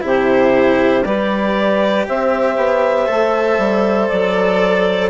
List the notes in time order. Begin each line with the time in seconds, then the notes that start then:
0.00 C3 E4 G4
0.07 C5
1.04 G3 G4 B4 D5
2.08 C4 C5 E5
2.56 B3
3.06 A3 A4
3.58 G3
4.08 F#3 D5